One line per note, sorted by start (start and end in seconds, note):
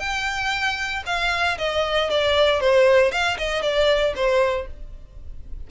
0.00 1.03 G5
1.07 1.58 F5
1.59 2.10 D#5
2.10 2.61 D5
2.61 3.12 C5
3.12 3.38 F5
3.39 3.63 D#5
3.63 4.14 D5
4.16 4.68 C5